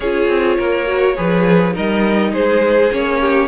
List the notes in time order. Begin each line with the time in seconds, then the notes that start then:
0.00 C#4 F4 G#4 C#5
0.28 C4
0.57 A#3 A#4
0.86 F#4
1.16 F3 G#4 B4
1.72 G3 D#4 A#4 D#5
2.32 G#3 G#4 C5
2.90 A#3 C#4 C#5
3.20 G4